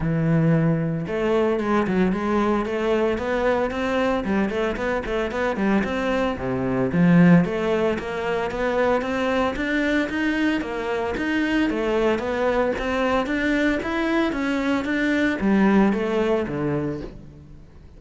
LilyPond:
\new Staff \with { instrumentName = "cello" } { \time 4/4 \tempo 4 = 113 e2 a4 gis8 fis8 | gis4 a4 b4 c'4 | g8 a8 b8 a8 b8 g8 c'4 | c4 f4 a4 ais4 |
b4 c'4 d'4 dis'4 | ais4 dis'4 a4 b4 | c'4 d'4 e'4 cis'4 | d'4 g4 a4 d4 | }